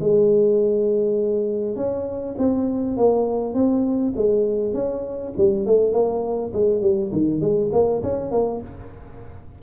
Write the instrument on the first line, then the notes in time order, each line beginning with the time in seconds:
tuba
0.00 G#3
1.76 C#4
2.38 C4
2.97 A#3
3.54 C4
4.16 G#3
4.74 C#4
5.37 G3
5.66 A3
5.92 A#3
6.53 G#3
6.81 G3
7.12 D#3
7.41 G#3
7.73 A#3
8.03 C#4
8.31 A#3